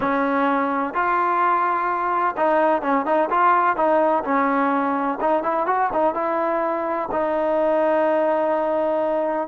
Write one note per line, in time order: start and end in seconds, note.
0.00 0.93 C#4
0.93 2.35 F4
2.36 2.82 D#4
2.82 3.05 C#4
3.05 3.29 D#4
3.30 3.76 F4
3.76 4.23 D#4
4.23 5.18 C#4
5.20 5.43 D#4
5.43 5.66 E4
5.66 5.90 F#4
5.92 6.14 D#4
6.14 7.08 E4
7.11 9.47 D#4